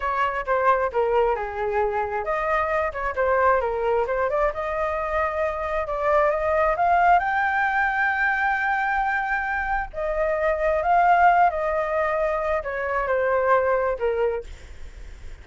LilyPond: \new Staff \with { instrumentName = "flute" } { \time 4/4 \tempo 4 = 133 cis''4 c''4 ais'4 gis'4~ | gis'4 dis''4. cis''8 c''4 | ais'4 c''8 d''8 dis''2~ | dis''4 d''4 dis''4 f''4 |
g''1~ | g''2 dis''2 | f''4. dis''2~ dis''8 | cis''4 c''2 ais'4 | }